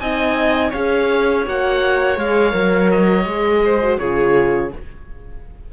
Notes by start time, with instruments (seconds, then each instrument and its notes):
0.00 cello C4, horn D#4, violin D#5, oboe G#5
0.70 cello C#4, horn G#4, violin C#5, oboe F5
1.45 cello A#3, horn F#4, oboe F#5
2.17 cello G#3, horn G#4, oboe F5
2.51 cello F#3, horn A#4
2.91 oboe D#5
3.25 cello G#3, horn G#4
3.64 violin C5
3.82 horn F#4
3.98 cello C#3, horn F4, violin G#4, oboe C#5